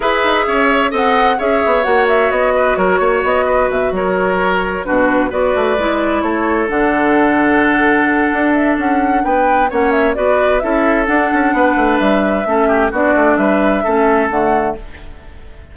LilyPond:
<<
  \new Staff \with { instrumentName = "flute" } { \time 4/4 \tempo 4 = 130 e''2 fis''4 e''4 | fis''8 e''8 dis''4 cis''4 dis''4 | e''8 cis''2 b'4 d''8~ | d''4. cis''4 fis''4.~ |
fis''2~ fis''8 e''8 fis''4 | g''4 fis''8 e''8 d''4 e''4 | fis''2 e''2 | d''4 e''2 fis''4 | }
  \new Staff \with { instrumentName = "oboe" } { \time 4/4 b'4 cis''4 dis''4 cis''4~ | cis''4. b'8 ais'8 cis''4 b'8~ | b'8 ais'2 fis'4 b'8~ | b'4. a'2~ a'8~ |
a'1 | b'4 cis''4 b'4 a'4~ | a'4 b'2 a'8 g'8 | fis'4 b'4 a'2 | }
  \new Staff \with { instrumentName = "clarinet" } { \time 4/4 gis'2 a'4 gis'4 | fis'1~ | fis'2~ fis'8 d'4 fis'8~ | fis'8 e'2 d'4.~ |
d'1~ | d'4 cis'4 fis'4 e'4 | d'2. cis'4 | d'2 cis'4 a4 | }
  \new Staff \with { instrumentName = "bassoon" } { \time 4/4 e'8 dis'8 cis'4 c'4 cis'8 b8 | ais4 b4 fis8 ais8 b4 | b,8 fis2 b,4 b8 | a8 gis4 a4 d4.~ |
d2 d'4 cis'4 | b4 ais4 b4 cis'4 | d'8 cis'8 b8 a8 g4 a4 | b8 a8 g4 a4 d4 | }
>>